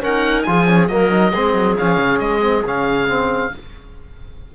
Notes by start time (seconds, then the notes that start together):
0.00 C#4 D#4 A#4 F#5
0.43 F3 F4 G#4 G#5
0.67 C#4
0.88 F#3 A#3 A#4 D#5
1.10 D#4
1.32 G#3 C4 G#4
1.54 F#3
1.78 F3 C#4 F5
1.98 C#3
2.19 G#3 D#5
2.41 C4
2.64 C#3 C#4 F5
3.08 C4